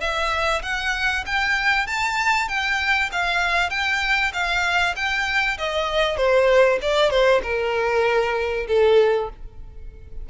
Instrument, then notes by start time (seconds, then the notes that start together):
violin
0.00 E5
0.62 F#5
1.26 G5
1.87 A5
2.48 G5
3.12 F5
3.70 G5
4.33 F5
4.96 G5
5.58 D#5
6.17 C5
6.82 D5
7.10 C5
7.43 A#4
8.67 A4